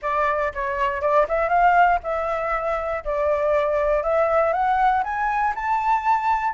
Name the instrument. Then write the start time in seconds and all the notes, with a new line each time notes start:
flute
0.02 D5
0.54 C#5
1.01 D5
1.28 E5
1.49 F5
2.03 E5
3.04 D5
4.03 E5
4.52 F#5
5.03 G#5
5.55 A5